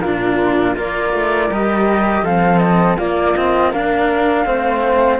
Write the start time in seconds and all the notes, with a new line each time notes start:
0.00 A#2 D4 F4 A#4
0.75 A#3 F4 A#4 D5
1.13 A3
1.50 G3 G4 D#5
2.22 F3 C4 A4 F5
2.58 D#5
2.97 A#3 F4 D5
3.35 C4 D#5
3.70 D4 A#4 F5
4.45 A3 C4 C5